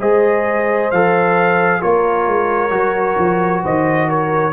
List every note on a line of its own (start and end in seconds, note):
0.00 0.92 G#3
0.00 0.91 G#4
0.00 1.81 C5
0.00 0.91 D#5
0.91 1.83 F3
0.91 1.81 A4
0.91 1.82 F5
1.81 2.27 A#3
1.81 2.71 F4
1.81 3.63 A#4
1.81 3.64 C#5
2.27 2.71 G#3
2.71 3.16 F#3
2.71 4.52 F#4
3.18 3.64 F3
3.63 4.53 D#3
3.63 4.08 C5
3.63 4.09 D#5
4.09 4.53 A#4
4.09 4.53 C#5